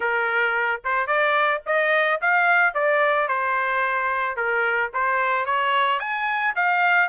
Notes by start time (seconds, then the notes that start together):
0.00 A#4
0.84 C5
1.06 D5
1.66 D#5
2.21 F5
2.74 D5
3.28 C5
4.36 A#4
4.93 C5
5.45 C#5
5.99 G#5
6.55 F5